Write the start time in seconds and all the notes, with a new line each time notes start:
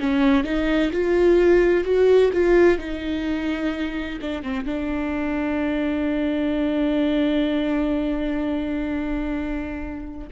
0.00 C#4
0.44 D#4
0.93 F4
1.85 F#4
2.34 F4
2.79 D#4
4.22 D4
4.43 C4
4.66 D4